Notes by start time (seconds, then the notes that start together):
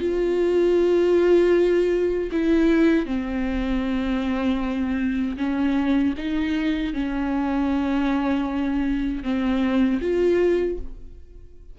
0.00 F4
2.32 E4
3.06 C4
5.37 C#4
6.18 D#4
6.94 C#4
9.23 C4
10.01 F4